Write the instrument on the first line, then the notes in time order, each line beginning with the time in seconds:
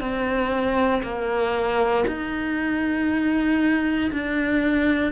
cello
0.00 C4
1.02 A#3
2.07 D#4
4.11 D4